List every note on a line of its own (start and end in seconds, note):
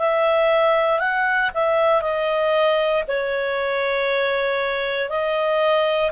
0.00 1.00 E5
1.00 1.51 F#5
1.54 2.02 E5
2.02 3.04 D#5
3.08 5.09 C#5
5.09 6.11 D#5